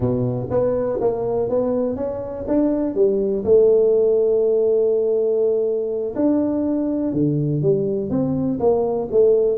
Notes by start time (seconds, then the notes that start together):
0.00 B2
0.50 B3
1.00 A#3
1.49 B3
1.96 C#4
2.47 D4
2.95 G3
3.44 A3
6.15 D4
7.12 D3
7.62 G3
8.10 C4
8.59 A#3
9.11 A3